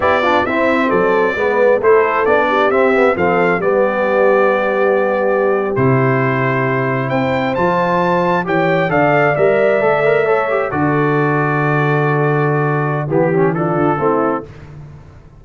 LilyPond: <<
  \new Staff \with { instrumentName = "trumpet" } { \time 4/4 \tempo 4 = 133 d''4 e''4 d''2 | c''4 d''4 e''4 f''4 | d''1~ | d''8. c''2. g''16~ |
g''8. a''2 g''4 f''16~ | f''8. e''2. d''16~ | d''1~ | d''4 g'4 a'2 | }
  \new Staff \with { instrumentName = "horn" } { \time 4/4 g'8 f'8 e'4 a'4 b'4 | a'4. g'4. a'4 | g'1~ | g'2.~ g'8. c''16~ |
c''2~ c''8. cis''4 d''16~ | d''2~ d''8. cis''4 a'16~ | a'1~ | a'4 g'4 f'4 e'4 | }
  \new Staff \with { instrumentName = "trombone" } { \time 4/4 e'8 d'8 c'2 b4 | e'4 d'4 c'8 b8 c'4 | b1~ | b8. e'2.~ e'16~ |
e'8. f'2 g'4 a'16~ | a'8. ais'4 a'8 ais'8 a'8 g'8 fis'16~ | fis'1~ | fis'4 b8 cis'8 d'4 c'4 | }
  \new Staff \with { instrumentName = "tuba" } { \time 4/4 b4 c'4 fis4 gis4 | a4 b4 c'4 f4 | g1~ | g8. c2. c'16~ |
c'8. f2 e4 d16~ | d8. g4 a2 d16~ | d1~ | d4 e4. d8 a4 | }
>>